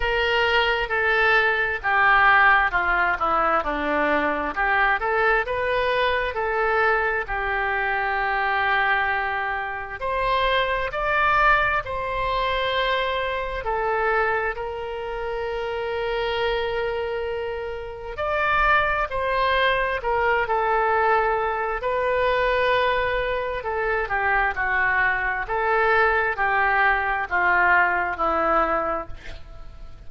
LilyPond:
\new Staff \with { instrumentName = "oboe" } { \time 4/4 \tempo 4 = 66 ais'4 a'4 g'4 f'8 e'8 | d'4 g'8 a'8 b'4 a'4 | g'2. c''4 | d''4 c''2 a'4 |
ais'1 | d''4 c''4 ais'8 a'4. | b'2 a'8 g'8 fis'4 | a'4 g'4 f'4 e'4 | }